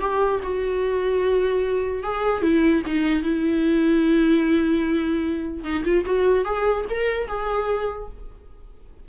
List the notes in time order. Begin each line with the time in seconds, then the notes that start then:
0.00 G4
0.43 F#4
2.03 G#4
2.42 E4
2.86 D#4
3.22 E4
5.64 D#4
5.84 F4
6.05 F#4
6.45 G#4
6.89 A#4
7.27 G#4